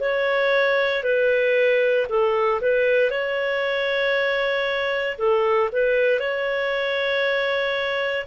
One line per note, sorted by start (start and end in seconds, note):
0.00 1.03 C#5
1.03 2.06 B4
2.09 2.61 A4
2.61 3.10 B4
3.10 5.17 C#5
5.18 5.69 A4
5.72 6.19 B4
6.19 8.26 C#5